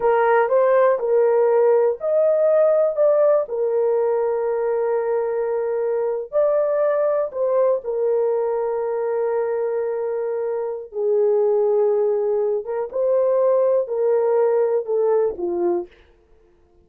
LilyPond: \new Staff \with { instrumentName = "horn" } { \time 4/4 \tempo 4 = 121 ais'4 c''4 ais'2 | dis''2 d''4 ais'4~ | ais'1~ | ais'8. d''2 c''4 ais'16~ |
ais'1~ | ais'2 gis'2~ | gis'4. ais'8 c''2 | ais'2 a'4 f'4 | }